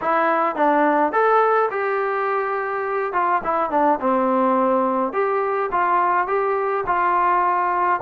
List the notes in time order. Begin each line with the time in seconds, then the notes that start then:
0.01 E4
0.55 D4
1.12 A4
1.70 G4
3.12 F4
3.43 E4
3.70 D4
4.00 C4
5.12 G4
5.71 F4
6.27 G4
6.86 F4